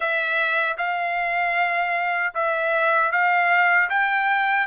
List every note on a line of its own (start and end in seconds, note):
0.00 0.76 E5
0.77 2.33 F5
2.34 3.11 E5
3.11 3.89 F5
3.89 4.66 G5